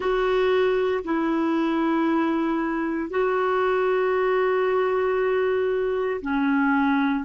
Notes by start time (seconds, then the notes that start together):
0.00 F#4
1.04 E4
3.09 F#4
6.21 C#4